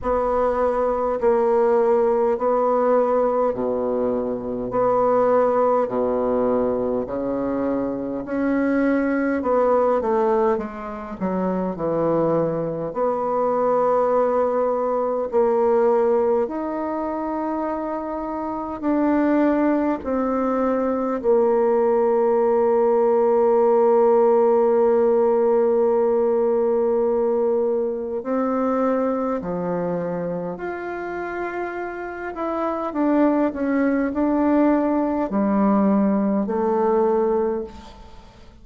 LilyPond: \new Staff \with { instrumentName = "bassoon" } { \time 4/4 \tempo 4 = 51 b4 ais4 b4 b,4 | b4 b,4 cis4 cis'4 | b8 a8 gis8 fis8 e4 b4~ | b4 ais4 dis'2 |
d'4 c'4 ais2~ | ais1 | c'4 f4 f'4. e'8 | d'8 cis'8 d'4 g4 a4 | }